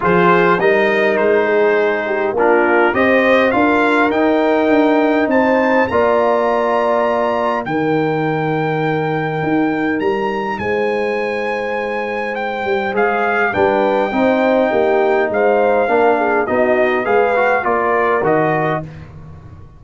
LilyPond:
<<
  \new Staff \with { instrumentName = "trumpet" } { \time 4/4 \tempo 4 = 102 c''4 dis''4 c''2 | ais'4 dis''4 f''4 g''4~ | g''4 a''4 ais''2~ | ais''4 g''2.~ |
g''4 ais''4 gis''2~ | gis''4 g''4 f''4 g''4~ | g''2 f''2 | dis''4 f''4 d''4 dis''4 | }
  \new Staff \with { instrumentName = "horn" } { \time 4/4 gis'4 ais'4. gis'4 g'8 | f'4 c''4 ais'2~ | ais'4 c''4 d''2~ | d''4 ais'2.~ |
ais'2 c''2~ | c''2. b'4 | c''4 g'4 c''4 ais'8 gis'8 | fis'4 b'4 ais'2 | }
  \new Staff \with { instrumentName = "trombone" } { \time 4/4 f'4 dis'2. | d'4 g'4 f'4 dis'4~ | dis'2 f'2~ | f'4 dis'2.~ |
dis'1~ | dis'2 gis'4 d'4 | dis'2. d'4 | dis'4 gis'8 fis'8 f'4 fis'4 | }
  \new Staff \with { instrumentName = "tuba" } { \time 4/4 f4 g4 gis2 | ais4 c'4 d'4 dis'4 | d'4 c'4 ais2~ | ais4 dis2. |
dis'4 g4 gis2~ | gis4. g8 gis4 g4 | c'4 ais4 gis4 ais4 | b4 gis4 ais4 dis4 | }
>>